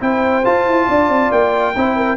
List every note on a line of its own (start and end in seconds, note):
0.00 0.44 C4
0.00 0.43 E4
0.00 0.88 C5
0.00 0.45 G5
0.45 1.74 F4
0.45 0.66 F4
0.45 1.31 A5
0.66 0.88 E4
0.88 1.09 D4
0.88 1.74 D5
1.09 1.30 C4
1.31 1.75 A#3
1.31 2.17 G5
1.75 2.17 C4
1.75 2.17 E4
1.75 1.96 C5
1.96 2.17 A#4